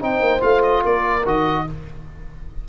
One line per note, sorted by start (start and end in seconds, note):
0.00 0.20 C4
0.00 0.40 D#4
0.00 0.83 C5
0.00 0.41 G5
0.20 0.41 A#3
0.40 0.84 A3
0.40 1.22 F4
0.40 0.62 F5
0.62 0.83 D#5
0.83 1.26 A#3
0.83 1.65 A#4
0.83 1.27 D5
1.26 1.67 D#3
1.26 1.67 F#4
1.26 1.68 D#5